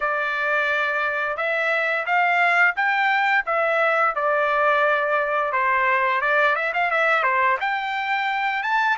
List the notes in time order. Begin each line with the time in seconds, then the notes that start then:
0.00 D5
1.36 E5
2.05 F5
2.76 G5
3.46 E5
4.15 D5
5.52 C5
6.21 D5
6.55 E5
6.73 F5
6.90 E5
7.23 C5
7.60 G5
8.62 A5